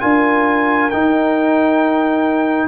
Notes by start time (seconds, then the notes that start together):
0.00 D4 F4 A#4 G#5
0.90 D#4 G5